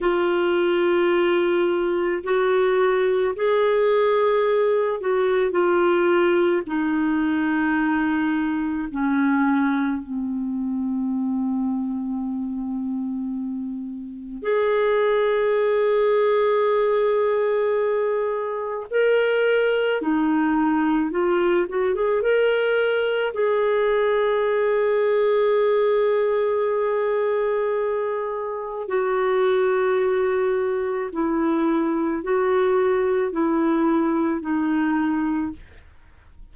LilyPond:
\new Staff \with { instrumentName = "clarinet" } { \time 4/4 \tempo 4 = 54 f'2 fis'4 gis'4~ | gis'8 fis'8 f'4 dis'2 | cis'4 c'2.~ | c'4 gis'2.~ |
gis'4 ais'4 dis'4 f'8 fis'16 gis'16 | ais'4 gis'2.~ | gis'2 fis'2 | e'4 fis'4 e'4 dis'4 | }